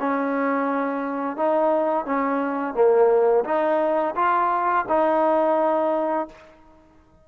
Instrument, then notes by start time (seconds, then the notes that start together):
trombone
0.00 C#4
1.37 D#4
2.06 C#4
2.75 A#3
3.45 D#4
4.16 F4
4.89 D#4